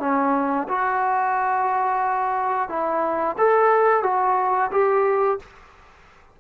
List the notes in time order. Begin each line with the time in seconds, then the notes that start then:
0.00 C#4
0.69 F#4
2.69 E4
3.38 A4
4.04 F#4
4.72 G4